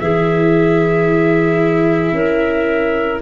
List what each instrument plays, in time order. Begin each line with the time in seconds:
0.00 tuba E3, viola E4, clarinet G#4, trumpet E5
2.12 tuba C#4, clarinet A#4